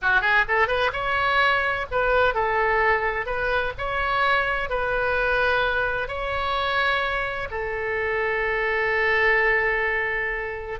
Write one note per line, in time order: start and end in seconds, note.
0.01 0.21 F#4
0.21 0.44 G#4
0.48 0.67 A4
0.67 0.91 B4
0.92 1.86 C#5
1.91 2.34 B4
2.34 3.26 A4
3.26 3.73 B4
3.78 4.69 C#5
4.69 6.07 B4
6.07 7.48 C#5
7.50 10.79 A4